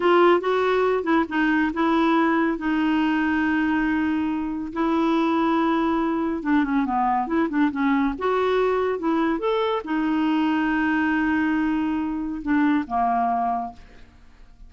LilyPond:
\new Staff \with { instrumentName = "clarinet" } { \time 4/4 \tempo 4 = 140 f'4 fis'4. e'8 dis'4 | e'2 dis'2~ | dis'2. e'4~ | e'2. d'8 cis'8 |
b4 e'8 d'8 cis'4 fis'4~ | fis'4 e'4 a'4 dis'4~ | dis'1~ | dis'4 d'4 ais2 | }